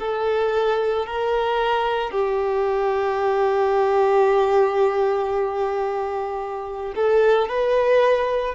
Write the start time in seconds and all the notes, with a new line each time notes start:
0.00 A4
1.07 A#4
2.12 G4
6.96 A4
7.49 B4